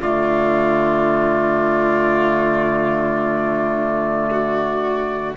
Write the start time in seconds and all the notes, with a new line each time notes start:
0.00 D3 A3 F4 D5
4.30 F#4